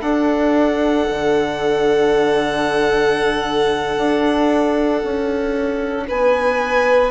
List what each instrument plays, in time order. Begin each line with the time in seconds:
0.00 bassoon D4, trombone D4, violin A4 F#5
1.11 bassoon D3
3.97 bassoon D4
5.04 bassoon C#4
6.09 bassoon B3, violin B4 G#5